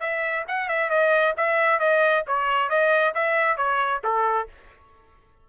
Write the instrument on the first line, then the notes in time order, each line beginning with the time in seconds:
trumpet
0.00 E5
0.47 F#5
0.68 E5
0.89 D#5
1.37 E5
1.79 D#5
2.27 C#5
2.69 D#5
3.14 E5
3.57 C#5
4.04 A4